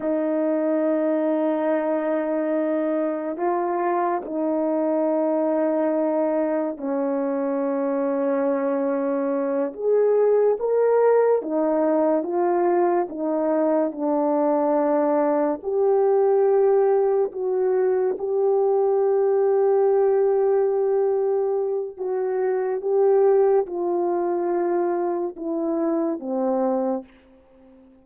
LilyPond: \new Staff \with { instrumentName = "horn" } { \time 4/4 \tempo 4 = 71 dis'1 | f'4 dis'2. | cis'2.~ cis'8 gis'8~ | gis'8 ais'4 dis'4 f'4 dis'8~ |
dis'8 d'2 g'4.~ | g'8 fis'4 g'2~ g'8~ | g'2 fis'4 g'4 | f'2 e'4 c'4 | }